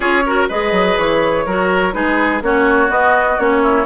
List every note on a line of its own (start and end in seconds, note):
0.00 0.47 C#4
0.00 0.24 F4
0.00 0.23 G#4
0.00 0.46 C#5
0.25 0.50 F#4
0.25 0.48 A#4
0.48 0.71 G#3
0.48 1.47 G#4
0.48 1.45 B4
0.48 0.98 D#5
0.71 0.96 F#3
0.97 1.46 E3
0.97 1.93 C#5
1.45 1.94 F#3
1.45 1.92 F#4
1.45 1.94 A#4
1.92 2.41 G#3
1.92 2.40 D#4
1.92 2.43 G#4
1.92 2.41 B4
2.41 2.89 A#3
2.41 2.89 C#4
2.41 3.62 F#4
2.41 2.90 C#5
2.89 3.37 B3
2.89 3.38 B3
2.89 3.39 D#5
3.38 3.86 A#3
3.38 3.86 C#4
3.38 3.86 C#5
3.62 3.86 E4